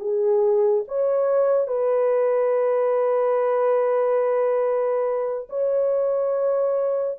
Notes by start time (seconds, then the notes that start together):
0.00 G#4
0.88 C#5
1.67 B4
5.49 C#5